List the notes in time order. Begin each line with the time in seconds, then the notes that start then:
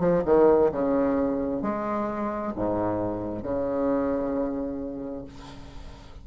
0.00 F3
0.26 D#3
0.71 C#3
1.62 G#3
2.56 G#2
3.43 C#3